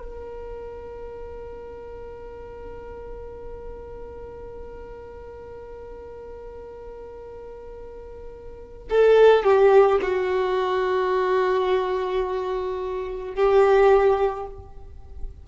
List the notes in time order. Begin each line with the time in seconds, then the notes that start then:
0.00 A#4
8.90 A4
9.44 G4
10.03 F#4
13.35 G4